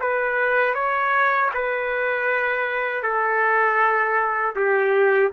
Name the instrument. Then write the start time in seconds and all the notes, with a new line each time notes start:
trumpet
0.00 B4
0.74 C#5
1.54 B4
3.03 A4
4.55 G4